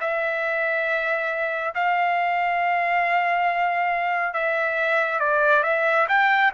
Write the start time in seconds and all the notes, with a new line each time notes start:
0.00 E5
1.75 F5
4.34 E5
5.20 D5
5.63 E5
6.08 G5